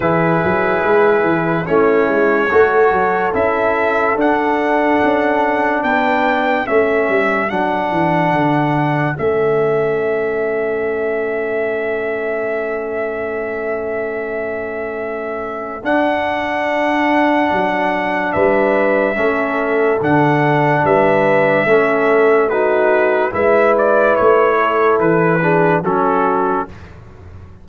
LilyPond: <<
  \new Staff \with { instrumentName = "trumpet" } { \time 4/4 \tempo 4 = 72 b'2 cis''2 | e''4 fis''2 g''4 | e''4 fis''2 e''4~ | e''1~ |
e''2. fis''4~ | fis''2 e''2 | fis''4 e''2 b'4 | e''8 d''8 cis''4 b'4 a'4 | }
  \new Staff \with { instrumentName = "horn" } { \time 4/4 gis'2 e'4 a'4~ | a'2. b'4 | a'1~ | a'1~ |
a'1~ | a'2 b'4 a'4~ | a'4 b'4 a'4 fis'4 | b'4. a'4 gis'8 fis'4 | }
  \new Staff \with { instrumentName = "trombone" } { \time 4/4 e'2 cis'4 fis'4 | e'4 d'2. | cis'4 d'2 cis'4~ | cis'1~ |
cis'2. d'4~ | d'2. cis'4 | d'2 cis'4 dis'4 | e'2~ e'8 d'8 cis'4 | }
  \new Staff \with { instrumentName = "tuba" } { \time 4/4 e8 fis8 gis8 e8 a8 gis8 a8 fis8 | cis'4 d'4 cis'4 b4 | a8 g8 fis8 e8 d4 a4~ | a1~ |
a2. d'4~ | d'4 fis4 g4 a4 | d4 g4 a2 | gis4 a4 e4 fis4 | }
>>